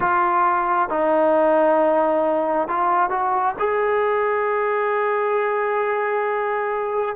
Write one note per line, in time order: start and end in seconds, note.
0.00 0.89 F4
0.89 2.68 D#4
2.68 3.09 F4
3.09 3.54 F#4
3.59 7.15 G#4